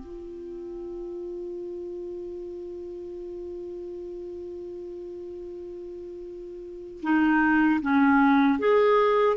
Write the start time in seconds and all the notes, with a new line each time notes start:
0.00 F4
7.02 D#4
7.82 C#4
8.60 G#4